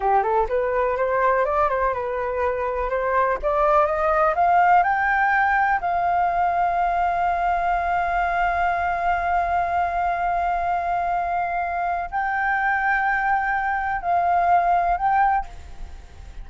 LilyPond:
\new Staff \with { instrumentName = "flute" } { \time 4/4 \tempo 4 = 124 g'8 a'8 b'4 c''4 d''8 c''8 | b'2 c''4 d''4 | dis''4 f''4 g''2 | f''1~ |
f''1~ | f''1~ | f''4 g''2.~ | g''4 f''2 g''4 | }